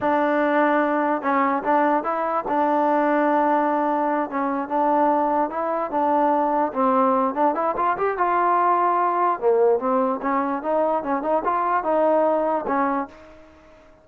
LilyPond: \new Staff \with { instrumentName = "trombone" } { \time 4/4 \tempo 4 = 147 d'2. cis'4 | d'4 e'4 d'2~ | d'2~ d'8 cis'4 d'8~ | d'4. e'4 d'4.~ |
d'8 c'4. d'8 e'8 f'8 g'8 | f'2. ais4 | c'4 cis'4 dis'4 cis'8 dis'8 | f'4 dis'2 cis'4 | }